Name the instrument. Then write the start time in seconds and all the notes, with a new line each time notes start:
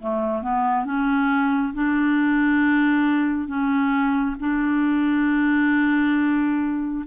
clarinet
0.00 A3
0.43 B3
0.85 C#4
1.74 D4
3.48 C#4
4.40 D4